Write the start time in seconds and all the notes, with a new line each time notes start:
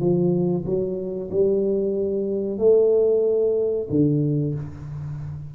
0.00 F3
0.66 F#3
1.31 G3
2.59 A3
3.90 D3